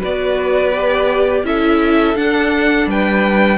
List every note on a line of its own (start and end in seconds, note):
0.00 1.44 B3
0.00 0.73 F#4
0.00 1.43 B4
0.00 1.46 D5
0.75 1.45 G4
1.44 2.15 C#4
1.44 2.16 E4
1.44 2.90 A4
1.44 2.17 E5
2.15 2.87 D4
2.15 3.58 D4
2.15 2.89 F#5
2.87 3.58 G3
2.87 3.58 B4
2.87 3.58 G5